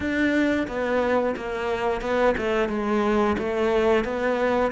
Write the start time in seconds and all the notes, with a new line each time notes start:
0.00 D4
0.67 B3
1.36 A#3
2.01 B3
2.37 A3
2.68 G#3
3.38 A3
4.04 B3